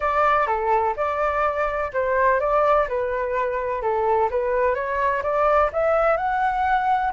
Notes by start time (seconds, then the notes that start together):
0.00 D5
0.46 A4
0.96 D5
1.93 C5
2.40 D5
2.88 B4
3.82 A4
4.30 B4
4.74 C#5
5.22 D5
5.72 E5
6.17 F#5